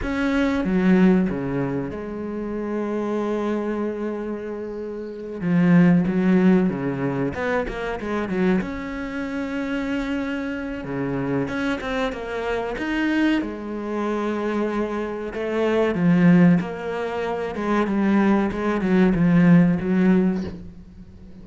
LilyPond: \new Staff \with { instrumentName = "cello" } { \time 4/4 \tempo 4 = 94 cis'4 fis4 cis4 gis4~ | gis1~ | gis8 f4 fis4 cis4 b8 | ais8 gis8 fis8 cis'2~ cis'8~ |
cis'4 cis4 cis'8 c'8 ais4 | dis'4 gis2. | a4 f4 ais4. gis8 | g4 gis8 fis8 f4 fis4 | }